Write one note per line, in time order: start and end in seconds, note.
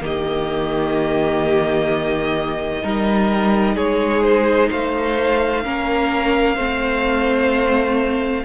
0.00 2.82 D#3
0.00 2.81 A#3
0.00 2.83 G4
0.00 3.77 D#5
2.83 3.76 G3
2.83 5.63 D#4
2.83 3.75 A#4
3.75 4.70 G#3
3.75 4.69 G#4
3.75 4.22 C#5
4.22 4.69 C5
4.70 5.65 A3
4.70 5.63 C5
4.70 8.45 F5
5.63 6.58 A#3
5.63 6.57 C#4
5.63 6.55 A#4
6.55 8.45 A3
6.55 8.45 C4
6.55 8.43 C5